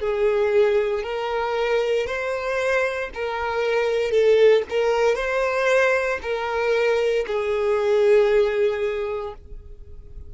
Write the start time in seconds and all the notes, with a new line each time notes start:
0.00 G#4
1.03 A#4
2.06 C5
3.14 A#4
4.11 A4
4.69 A#4
5.15 C5
6.22 A#4
7.27 G#4